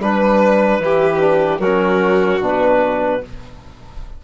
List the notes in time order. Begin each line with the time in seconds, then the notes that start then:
0.00 G3 D4 B4
0.79 E3 E4 G4
1.19 D4
1.59 F#3 F#4 A#4
1.66 C#4
2.40 B2 D4 B4